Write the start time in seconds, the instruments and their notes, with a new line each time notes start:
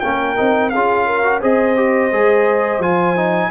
0.00 tuba A#3, trombone C#4, horn A#4, trumpet G5
0.36 tuba C4, trombone D#4
0.69 tuba C#4, horn G#4, trumpet F5
0.76 trombone F4
1.06 horn A#4
1.23 trombone F#4
1.40 tuba C4, trombone G#4, horn C5, trumpet D#5
1.76 trombone G4
2.12 tuba G#3, trombone G#4
2.79 tuba F3, trombone F4, trumpet G#5
3.16 trombone D#4